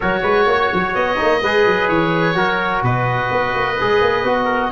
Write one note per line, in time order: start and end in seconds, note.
0.00 0.23 F#3
0.00 1.17 F#4
0.00 0.21 A#4
0.00 0.94 C#5
0.23 0.46 G#3
0.23 0.46 B4
0.46 0.70 A#3
0.46 1.42 C#5
0.73 0.95 F#3
0.94 1.18 B3
0.94 1.88 D#5
1.17 1.42 A#3
1.17 1.40 D#4
1.42 1.66 G#3
1.42 2.34 G#4
1.42 2.36 B4
1.66 1.88 F#3
1.88 2.34 E3
1.88 2.83 C#5
2.34 2.81 F#3
2.34 3.76 F#4
2.34 2.83 A#4
2.82 3.29 B2
2.82 4.44 B4
2.82 4.72 D#5
3.30 3.54 B3
3.54 3.78 A#3
3.79 4.01 G#3
3.79 4.25 G#4
4.01 4.23 A#3
4.23 4.71 B3
4.23 4.72 F#4
4.44 4.68 A#4